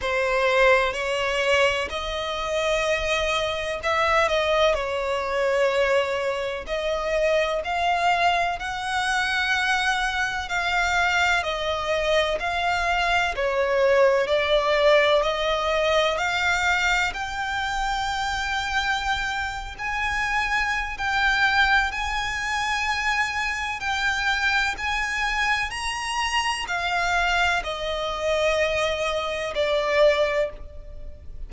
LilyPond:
\new Staff \with { instrumentName = "violin" } { \time 4/4 \tempo 4 = 63 c''4 cis''4 dis''2 | e''8 dis''8 cis''2 dis''4 | f''4 fis''2 f''4 | dis''4 f''4 cis''4 d''4 |
dis''4 f''4 g''2~ | g''8. gis''4~ gis''16 g''4 gis''4~ | gis''4 g''4 gis''4 ais''4 | f''4 dis''2 d''4 | }